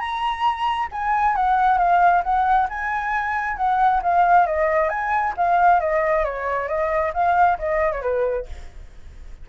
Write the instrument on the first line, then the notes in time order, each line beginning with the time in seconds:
flute
0.00 A#5
0.92 G#5
1.36 F#5
1.78 F5
2.24 F#5
2.70 G#5
3.57 F#5
4.03 F5
4.47 D#5
4.89 G#5
5.37 F5
5.80 D#5
6.25 C#5
6.68 D#5
7.14 F5
7.59 D#5
7.92 C#5
8.02 B4